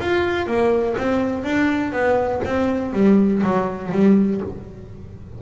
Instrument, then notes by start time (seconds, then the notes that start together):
double bass
0.00 F4
0.46 A#3
0.98 C4
1.44 D4
1.92 B3
2.45 C4
2.93 G3
3.43 F#3
3.92 G3